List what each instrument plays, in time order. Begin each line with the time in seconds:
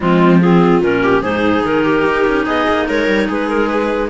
0.00 cello F3, clarinet G#3 F4, viola C4
0.40 clarinet C4 G#4, viola F4
0.80 cello A#2, clarinet C#4 A#4
1.02 viola G4
1.22 cello G#2, clarinet D#4 C5, viola G#4
1.64 cello D#3, clarinet A#4
1.83 viola G4
2.04 cello D#4
2.27 cello C#4
2.45 cello B3, viola G#4, clarinet D#5
2.68 cello A#3
2.88 cello G#3, viola A#4, clarinet C#5
3.08 cello G3
3.27 cello G#3, viola G#4, clarinet B4
3.49 clarinet A#4
3.67 clarinet B4